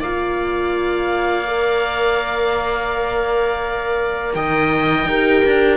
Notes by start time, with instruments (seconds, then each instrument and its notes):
0.00 cello A#3, horn F4, viola D5, oboe F5
1.46 horn A#4
4.35 cello D#3, viola D#5, oboe G5
5.06 cello D#4, horn G4, viola A#4
5.45 cello D4